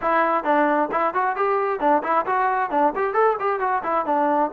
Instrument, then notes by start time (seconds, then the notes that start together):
trombone
0.01 E4
0.44 D4
0.91 E4
1.14 F#4
1.36 G4
1.79 D4
2.03 E4
2.26 F#4
2.70 D4
2.95 G4
3.13 A4
3.39 G4
3.59 F#4
3.83 E4
4.05 D4